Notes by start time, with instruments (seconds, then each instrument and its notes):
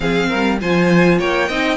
0.00 cello F3, viola C4, violin G#4 F5
0.28 cello G3, violin A#4
0.60 cello F3, viola F4, violin C5 G#5
1.18 cello A#3, violin C#5 G5
1.48 cello C4, viola D#4, violin D#5